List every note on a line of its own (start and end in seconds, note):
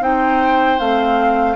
0.00 0.78 C4
0.00 0.79 D#4
0.00 1.55 C5
0.00 0.79 G5
0.79 1.55 A3
0.79 1.55 C4
0.79 1.55 F5